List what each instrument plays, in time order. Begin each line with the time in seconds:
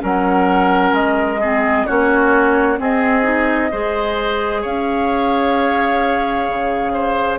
0.00 bassoon F#3, clarinet C#4, oboe A#4, flute F#5
0.92 bassoon G#3, flute D#5
1.41 clarinet C4, oboe G#4
1.87 bassoon A#3, clarinet C#4, oboe F#4, flute C#5
2.78 clarinet C4, bassoon C4, oboe G#4, flute D#5
3.23 clarinet D#4
3.72 bassoon G#3, clarinet G#4, oboe C5
4.62 bassoon C#4, oboe C#5, flute F5
6.49 bassoon C#3
6.94 oboe C5